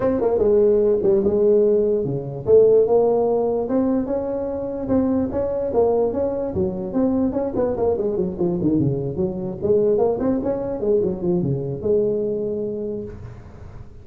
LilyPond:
\new Staff \with { instrumentName = "tuba" } { \time 4/4 \tempo 4 = 147 c'8 ais8 gis4. g8 gis4~ | gis4 cis4 a4 ais4~ | ais4 c'4 cis'2 | c'4 cis'4 ais4 cis'4 |
fis4 c'4 cis'8 b8 ais8 gis8 | fis8 f8 dis8 cis4 fis4 gis8~ | gis8 ais8 c'8 cis'4 gis8 fis8 f8 | cis4 gis2. | }